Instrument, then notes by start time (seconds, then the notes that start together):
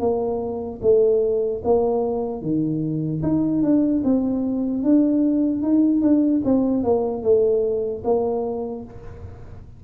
tuba
0.00 A#3
0.82 A3
1.64 A#3
2.42 D#3
3.23 D#4
3.63 D4
4.04 C4
4.84 D4
5.62 D#4
6.02 D4
6.45 C4
6.84 A#3
7.23 A3
8.04 A#3